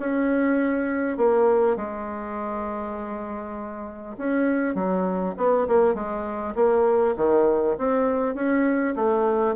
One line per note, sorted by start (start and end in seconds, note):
0.00 1.18 C#4
1.18 1.77 A#3
1.77 4.17 G#3
4.18 4.75 C#4
4.75 5.35 F#3
5.37 5.67 B3
5.68 5.95 A#3
5.95 6.55 G#3
6.56 7.16 A#3
7.17 7.77 D#3
7.78 8.35 C4
8.35 8.95 C#4
8.96 9.56 A3